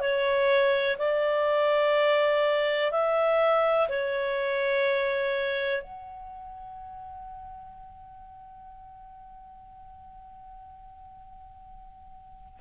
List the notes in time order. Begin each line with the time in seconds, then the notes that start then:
0.00 C#5
0.99 D5
2.92 E5
3.89 C#5
5.82 F#5